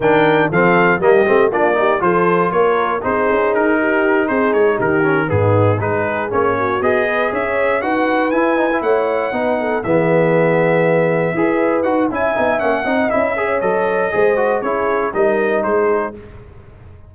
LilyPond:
<<
  \new Staff \with { instrumentName = "trumpet" } { \time 4/4 \tempo 4 = 119 g''4 f''4 dis''4 d''4 | c''4 cis''4 c''4 ais'4~ | ais'8 c''8 cis''8 ais'4 gis'4 b'8~ | b'8 cis''4 dis''4 e''4 fis''8~ |
fis''8 gis''4 fis''2 e''8~ | e''2.~ e''8 fis''8 | gis''4 fis''4 e''4 dis''4~ | dis''4 cis''4 dis''4 c''4 | }
  \new Staff \with { instrumentName = "horn" } { \time 4/4 ais'4 a'4 g'4 f'8 g'8 | a'4 ais'4 gis'4. g'8~ | g'8 gis'4 g'4 dis'4 gis'8~ | gis'4 fis'4 b'8 cis''4 b'8~ |
b'4. cis''4 b'8 a'8 gis'8~ | gis'2~ gis'8 b'4. | e''4. dis''4 cis''4. | c''4 gis'4 ais'4 gis'4 | }
  \new Staff \with { instrumentName = "trombone" } { \time 4/4 d'4 c'4 ais8 c'8 d'8 dis'8 | f'2 dis'2~ | dis'2 cis'8 b4 dis'8~ | dis'8 cis'4 gis'2 fis'8~ |
fis'8 e'8 dis'16 e'4~ e'16 dis'4 b8~ | b2~ b8 gis'4 fis'8 | e'8 dis'8 cis'8 dis'8 e'8 gis'8 a'4 | gis'8 fis'8 e'4 dis'2 | }
  \new Staff \with { instrumentName = "tuba" } { \time 4/4 dis4 f4 g8 a8 ais4 | f4 ais4 c'8 cis'8 dis'4~ | dis'8 c'8 gis8 dis4 gis,4 gis8~ | gis8 ais4 b4 cis'4 dis'8~ |
dis'8 e'4 a4 b4 e8~ | e2~ e8 e'4 dis'8 | cis'8 b8 ais8 c'8 cis'4 fis4 | gis4 cis'4 g4 gis4 | }
>>